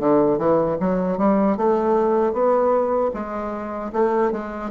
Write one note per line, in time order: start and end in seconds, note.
0.00 0.38 D3
0.38 0.77 E3
0.80 1.18 F#3
1.18 1.57 G3
1.57 2.33 A3
2.33 3.11 B3
3.14 3.92 G#3
3.93 4.32 A3
4.32 4.71 G#3